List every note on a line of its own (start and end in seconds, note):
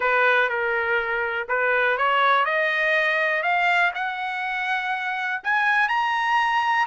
0.00 0.49 B4
0.49 1.47 A#4
1.48 1.97 B4
1.97 2.45 C#5
2.45 3.42 D#5
3.42 3.91 F5
3.94 5.41 F#5
5.43 5.88 G#5
5.88 6.86 A#5